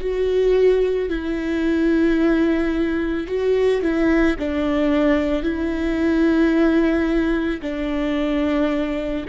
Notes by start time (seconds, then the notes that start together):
0.00 F#4
1.09 E4
3.27 F#4
3.82 E4
4.38 D4
5.42 E4
7.62 D4